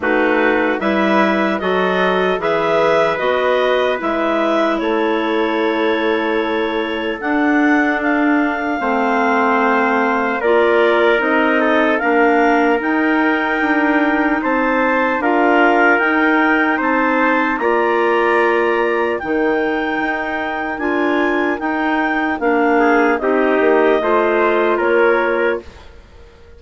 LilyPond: <<
  \new Staff \with { instrumentName = "clarinet" } { \time 4/4 \tempo 4 = 75 b'4 e''4 dis''4 e''4 | dis''4 e''4 cis''2~ | cis''4 fis''4 f''2~ | f''4 d''4 dis''4 f''4 |
g''2 a''4 f''4 | g''4 a''4 ais''2 | g''2 gis''4 g''4 | f''4 dis''2 cis''4 | }
  \new Staff \with { instrumentName = "trumpet" } { \time 4/4 fis'4 b'4 a'4 b'4~ | b'2 a'2~ | a'2. c''4~ | c''4 ais'4. a'8 ais'4~ |
ais'2 c''4 ais'4~ | ais'4 c''4 d''2 | ais'1~ | ais'8 gis'8 g'4 c''4 ais'4 | }
  \new Staff \with { instrumentName = "clarinet" } { \time 4/4 dis'4 e'4 fis'4 gis'4 | fis'4 e'2.~ | e'4 d'2 c'4~ | c'4 f'4 dis'4 d'4 |
dis'2. f'4 | dis'2 f'2 | dis'2 f'4 dis'4 | d'4 dis'4 f'2 | }
  \new Staff \with { instrumentName = "bassoon" } { \time 4/4 a4 g4 fis4 e4 | b4 gis4 a2~ | a4 d'2 a4~ | a4 ais4 c'4 ais4 |
dis'4 d'4 c'4 d'4 | dis'4 c'4 ais2 | dis4 dis'4 d'4 dis'4 | ais4 c'8 ais8 a4 ais4 | }
>>